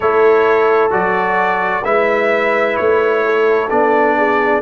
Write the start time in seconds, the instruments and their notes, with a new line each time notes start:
0.00 tuba A3, trombone E4, horn A4, trumpet C#5
0.90 tuba F#3, trombone F#4, trumpet D5
1.84 tuba G#3, trombone E4, horn B4, trumpet E5
2.76 tuba A3, trumpet C#5
3.25 horn A4
3.69 tuba B3, trombone D4, trumpet D5
4.17 horn G#4